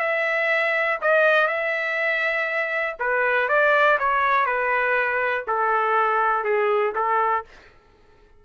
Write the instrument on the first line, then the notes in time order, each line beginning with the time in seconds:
trumpet
0.00 E5
1.02 D#5
1.48 E5
3.00 B4
3.49 D5
4.00 C#5
4.46 B4
5.48 A4
6.45 G#4
6.96 A4